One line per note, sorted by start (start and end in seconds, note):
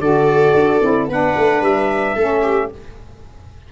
0.00 0.54 D3
0.00 0.82 F#4
0.00 1.10 A4
0.00 1.09 D5
0.54 0.81 D4
0.82 1.08 C4
0.82 1.09 E4
1.08 1.35 B3
1.08 2.18 D4
1.08 2.16 B4
1.08 1.64 F#5
1.37 1.62 A3
1.62 2.16 G3
1.62 2.73 E5
2.16 2.71 A3
2.16 2.73 C#4
2.16 2.42 A4
2.42 2.69 G4